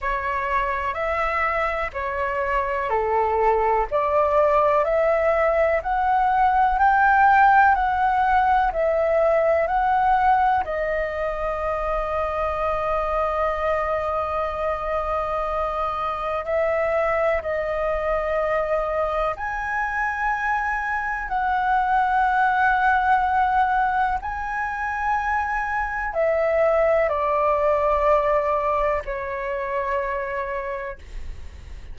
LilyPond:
\new Staff \with { instrumentName = "flute" } { \time 4/4 \tempo 4 = 62 cis''4 e''4 cis''4 a'4 | d''4 e''4 fis''4 g''4 | fis''4 e''4 fis''4 dis''4~ | dis''1~ |
dis''4 e''4 dis''2 | gis''2 fis''2~ | fis''4 gis''2 e''4 | d''2 cis''2 | }